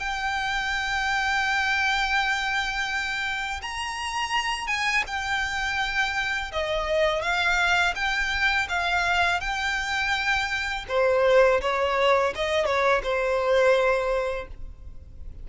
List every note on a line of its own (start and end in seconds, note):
0.00 3.61 G5
3.62 4.68 A#5
4.68 5.04 G#5
5.07 6.52 G5
6.52 7.22 D#5
7.22 7.95 F5
7.96 8.68 G5
8.69 9.41 F5
9.41 10.86 G5
10.89 11.61 C5
11.62 12.34 C#5
12.35 12.66 D#5
12.66 13.02 C#5
13.04 14.48 C5